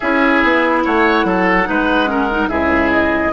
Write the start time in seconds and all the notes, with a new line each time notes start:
0.00 C#4 E4 G#4 E5
0.43 B3
0.84 A3 C#5 F#5
1.24 F#3 A4
1.64 G#3 D#4 B4
2.06 C#4 A#4
2.30 D#4
2.47 C#2 E4 G#4 E5
2.91 D#5